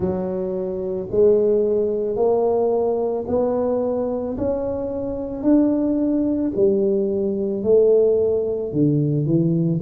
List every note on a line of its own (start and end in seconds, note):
0.00 1.08 F#3
1.11 2.15 G#3
2.15 3.24 A#3
3.27 4.36 B3
4.37 5.42 C#4
5.42 6.52 D4
6.56 7.63 G3
7.63 8.72 A3
8.72 9.25 D3
9.25 9.80 E3